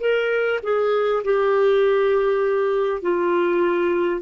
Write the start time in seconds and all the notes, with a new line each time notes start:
0.00 A#4
0.63 G#4
1.24 G4
3.02 F4